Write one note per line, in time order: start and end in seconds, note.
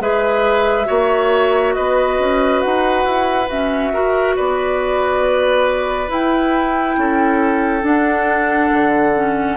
0.00 0.87 G#3
0.00 0.85 G#4
0.00 0.87 B4
0.00 1.74 E5
0.85 1.77 A#3
0.85 3.46 F#4
0.85 1.74 C#5
1.74 2.19 B3
1.74 3.93 B4
1.74 2.61 D#5
2.19 2.62 C#4
2.61 3.05 D#4
2.61 3.48 F#5
3.05 3.49 E4
3.49 3.94 C#4
3.49 4.36 F#4
3.49 4.36 E5
3.93 6.08 F#4
3.93 4.36 A#4
4.36 6.09 B3
4.36 6.96 B4
4.36 6.11 D5
6.08 7.82 E4
6.08 6.96 E4
6.08 7.86 G5
6.97 7.83 C#4
6.97 9.57 A4
7.82 9.12 D4
7.82 8.70 D4
7.82 9.57 F#5
8.73 9.57 D3
9.15 9.57 C#4